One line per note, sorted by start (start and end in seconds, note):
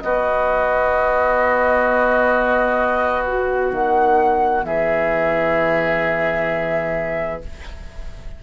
0.00 3.72 B3
0.00 7.42 B3
0.00 4.65 F#4
0.00 3.23 D#5
3.26 3.72 F#4
3.72 4.64 D#3
3.72 4.65 F#5
4.64 7.41 E3
4.64 7.43 G#4
4.64 7.42 E5